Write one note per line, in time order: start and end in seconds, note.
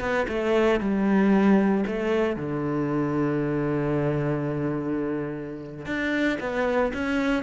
0.00 0.26 B3
0.28 0.80 A3
0.80 1.84 G3
1.87 2.36 A3
2.36 5.86 D3
5.86 6.38 D4
6.40 6.92 B3
6.93 7.43 C#4